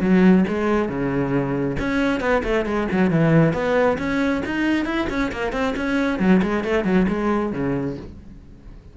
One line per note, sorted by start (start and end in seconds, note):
0.00 0.44 F#3
0.48 0.88 G#3
0.88 1.76 C#3
1.79 2.20 C#4
2.20 2.42 B3
2.43 2.65 A3
2.65 2.87 G#3
2.91 3.10 F#3
3.10 3.53 E3
3.53 3.97 B3
3.98 4.42 C#4
4.45 4.85 D#4
4.85 5.07 E4
5.09 5.31 C#4
5.32 5.52 A#3
5.52 5.74 C4
5.76 6.19 C#4
6.19 6.41 F#3
6.42 6.64 G#3
6.64 6.84 A3
6.84 7.06 F#3
7.08 7.52 G#3
7.52 7.96 C#3